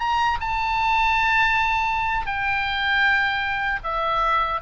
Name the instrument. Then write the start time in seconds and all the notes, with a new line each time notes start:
oboe
0.00 A#5
0.41 A5
2.26 G5
3.84 E5